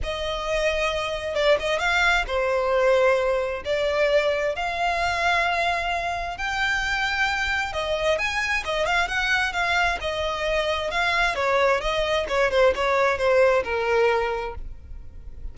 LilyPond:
\new Staff \with { instrumentName = "violin" } { \time 4/4 \tempo 4 = 132 dis''2. d''8 dis''8 | f''4 c''2. | d''2 f''2~ | f''2 g''2~ |
g''4 dis''4 gis''4 dis''8 f''8 | fis''4 f''4 dis''2 | f''4 cis''4 dis''4 cis''8 c''8 | cis''4 c''4 ais'2 | }